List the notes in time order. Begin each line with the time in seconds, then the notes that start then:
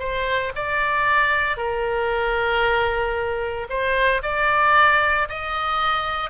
0.00 C5
0.56 D5
1.57 A#4
3.70 C5
4.23 D5
5.29 D#5